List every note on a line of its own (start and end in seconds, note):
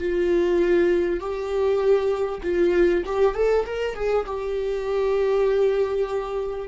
0.00 1.21 F4
1.21 2.42 G4
2.43 3.04 F4
3.06 3.35 G4
3.35 3.66 A4
3.66 3.96 A#4
3.96 4.26 G#4
4.26 6.68 G4